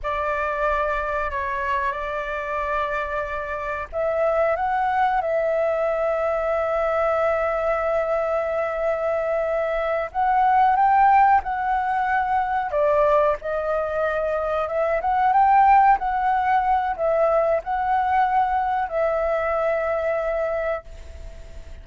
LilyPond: \new Staff \with { instrumentName = "flute" } { \time 4/4 \tempo 4 = 92 d''2 cis''4 d''4~ | d''2 e''4 fis''4 | e''1~ | e''2.~ e''8 fis''8~ |
fis''8 g''4 fis''2 d''8~ | d''8 dis''2 e''8 fis''8 g''8~ | g''8 fis''4. e''4 fis''4~ | fis''4 e''2. | }